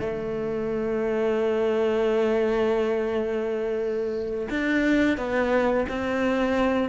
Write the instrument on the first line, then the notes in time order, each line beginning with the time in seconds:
cello
0.00 A3
4.50 D4
5.17 B3
5.88 C4